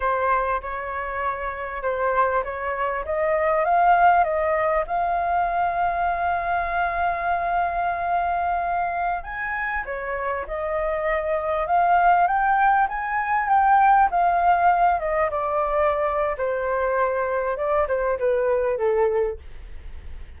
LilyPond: \new Staff \with { instrumentName = "flute" } { \time 4/4 \tempo 4 = 99 c''4 cis''2 c''4 | cis''4 dis''4 f''4 dis''4 | f''1~ | f''2.~ f''16 gis''8.~ |
gis''16 cis''4 dis''2 f''8.~ | f''16 g''4 gis''4 g''4 f''8.~ | f''8. dis''8 d''4.~ d''16 c''4~ | c''4 d''8 c''8 b'4 a'4 | }